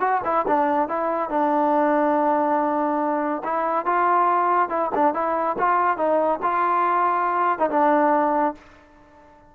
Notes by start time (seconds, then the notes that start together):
0.00 F#4
0.24 E4
0.48 D4
0.88 E4
1.30 D4
3.44 E4
3.85 F4
4.69 E4
4.95 D4
5.14 E4
5.59 F4
5.97 D#4
6.43 F4
7.59 D#4
7.70 D4